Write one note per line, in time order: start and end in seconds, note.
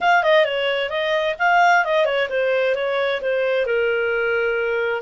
0.00 0.23 F5
0.23 0.44 D#5
0.44 0.89 C#5
0.89 1.35 D#5
1.39 1.84 F5
1.84 2.05 D#5
2.05 2.28 C#5
2.29 2.75 C5
2.75 3.21 C#5
3.21 3.66 C5
3.66 5.01 A#4